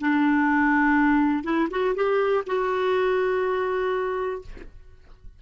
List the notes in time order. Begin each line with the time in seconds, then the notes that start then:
0.00 D4
1.44 E4
1.71 F#4
1.95 G4
2.46 F#4